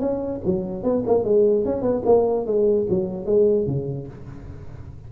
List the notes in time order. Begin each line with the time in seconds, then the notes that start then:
0.00 C#4
0.46 F#3
0.84 B3
1.07 A#3
1.24 G#3
1.65 C#4
1.82 B3
2.06 A#3
2.46 G#3
2.90 F#3
3.26 G#3
3.67 C#3